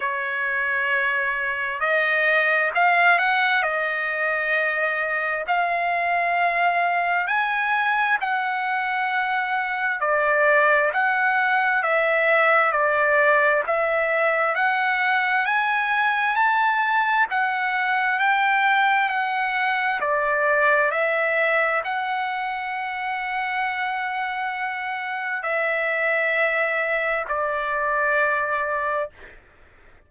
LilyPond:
\new Staff \with { instrumentName = "trumpet" } { \time 4/4 \tempo 4 = 66 cis''2 dis''4 f''8 fis''8 | dis''2 f''2 | gis''4 fis''2 d''4 | fis''4 e''4 d''4 e''4 |
fis''4 gis''4 a''4 fis''4 | g''4 fis''4 d''4 e''4 | fis''1 | e''2 d''2 | }